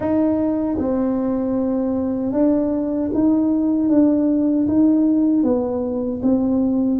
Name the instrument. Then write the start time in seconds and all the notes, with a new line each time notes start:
tuba
0.00 D#4
0.78 C4
2.32 D4
3.14 D#4
3.89 D4
4.67 D#4
5.43 B3
6.22 C4